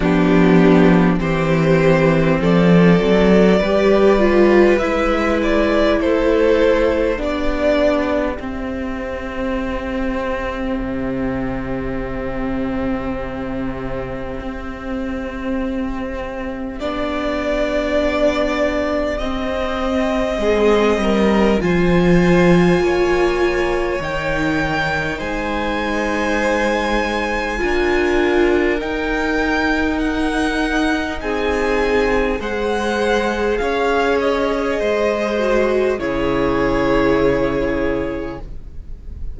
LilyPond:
<<
  \new Staff \with { instrumentName = "violin" } { \time 4/4 \tempo 4 = 50 g'4 c''4 d''2 | e''8 d''8 c''4 d''4 e''4~ | e''1~ | e''2 d''2 |
dis''2 gis''2 | g''4 gis''2. | g''4 fis''4 gis''4 fis''4 | f''8 dis''4. cis''2 | }
  \new Staff \with { instrumentName = "violin" } { \time 4/4 d'4 g'4 a'4 b'4~ | b'4 a'4 g'2~ | g'1~ | g'1~ |
g'4 gis'8 ais'8 c''4 cis''4~ | cis''4 c''2 ais'4~ | ais'2 gis'4 c''4 | cis''4 c''4 gis'2 | }
  \new Staff \with { instrumentName = "viola" } { \time 4/4 b4 c'2 g'8 f'8 | e'2 d'4 c'4~ | c'1~ | c'2 d'2 |
c'2 f'2 | dis'2. f'4 | dis'2. gis'4~ | gis'4. fis'8 e'2 | }
  \new Staff \with { instrumentName = "cello" } { \time 4/4 f4 e4 f8 fis8 g4 | gis4 a4 b4 c'4~ | c'4 c2. | c'2 b2 |
c'4 gis8 g8 f4 ais4 | dis4 gis2 d'4 | dis'2 c'4 gis4 | cis'4 gis4 cis2 | }
>>